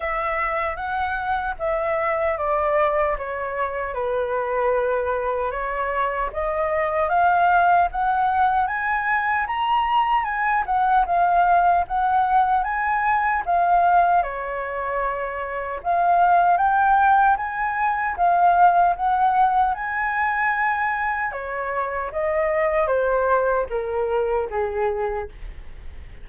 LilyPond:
\new Staff \with { instrumentName = "flute" } { \time 4/4 \tempo 4 = 76 e''4 fis''4 e''4 d''4 | cis''4 b'2 cis''4 | dis''4 f''4 fis''4 gis''4 | ais''4 gis''8 fis''8 f''4 fis''4 |
gis''4 f''4 cis''2 | f''4 g''4 gis''4 f''4 | fis''4 gis''2 cis''4 | dis''4 c''4 ais'4 gis'4 | }